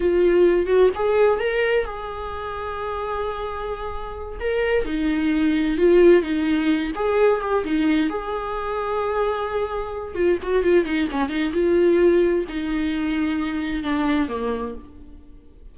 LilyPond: \new Staff \with { instrumentName = "viola" } { \time 4/4 \tempo 4 = 130 f'4. fis'8 gis'4 ais'4 | gis'1~ | gis'4. ais'4 dis'4.~ | dis'8 f'4 dis'4. gis'4 |
g'8 dis'4 gis'2~ gis'8~ | gis'2 f'8 fis'8 f'8 dis'8 | cis'8 dis'8 f'2 dis'4~ | dis'2 d'4 ais4 | }